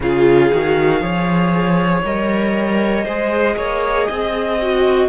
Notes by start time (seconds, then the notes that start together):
0.00 C#3 F4 G#4 F5
0.51 D#3 F#4
1.01 F3 G#4 C#5
2.04 G3 A#4 D#5
3.04 G#3 G#4 C5
3.56 A#3 C#5
4.07 C4 D#5
4.61 F#4